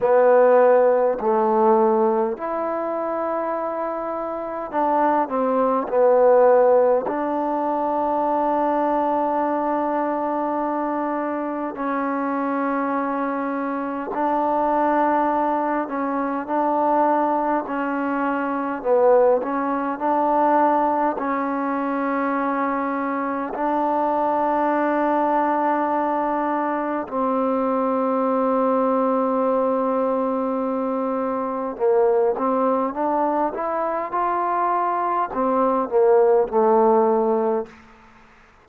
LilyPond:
\new Staff \with { instrumentName = "trombone" } { \time 4/4 \tempo 4 = 51 b4 a4 e'2 | d'8 c'8 b4 d'2~ | d'2 cis'2 | d'4. cis'8 d'4 cis'4 |
b8 cis'8 d'4 cis'2 | d'2. c'4~ | c'2. ais8 c'8 | d'8 e'8 f'4 c'8 ais8 a4 | }